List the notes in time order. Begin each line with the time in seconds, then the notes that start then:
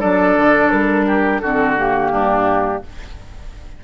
0.00 F#3 D4 A4 D5
0.37 D3
0.71 G3 A#4
1.07 G4
1.40 D3 C4 F#4 A4
1.77 A#3 G4
2.12 G2 D4